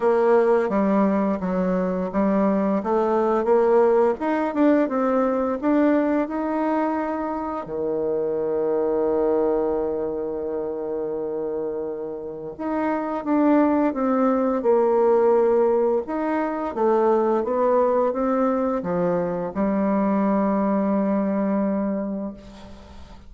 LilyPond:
\new Staff \with { instrumentName = "bassoon" } { \time 4/4 \tempo 4 = 86 ais4 g4 fis4 g4 | a4 ais4 dis'8 d'8 c'4 | d'4 dis'2 dis4~ | dis1~ |
dis2 dis'4 d'4 | c'4 ais2 dis'4 | a4 b4 c'4 f4 | g1 | }